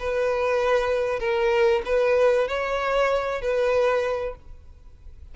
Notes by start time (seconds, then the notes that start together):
0.00 B4
1.20 A#4
1.86 B4
2.49 C#5
3.42 B4